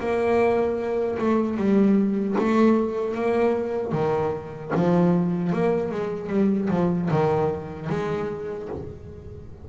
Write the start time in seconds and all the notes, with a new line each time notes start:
0.00 A#3
1.19 A3
1.58 G3
2.39 A3
3.15 A#3
3.93 D#3
4.75 F3
5.53 A#3
5.92 G#3
6.30 G3
6.70 F3
7.11 D#3
7.90 G#3